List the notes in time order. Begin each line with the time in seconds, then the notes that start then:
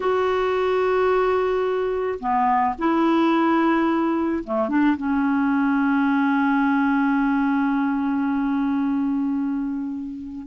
0.00 F#4
2.19 B3
2.78 E4
4.43 A3
4.68 D4
4.96 C#4